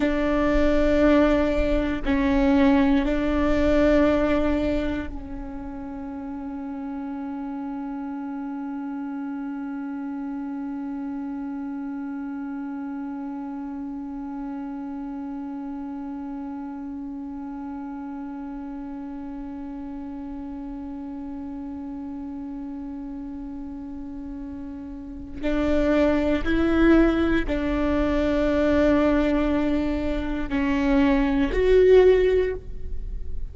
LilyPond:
\new Staff \with { instrumentName = "viola" } { \time 4/4 \tempo 4 = 59 d'2 cis'4 d'4~ | d'4 cis'2.~ | cis'1~ | cis'1~ |
cis'1~ | cis'1~ | cis'4 d'4 e'4 d'4~ | d'2 cis'4 fis'4 | }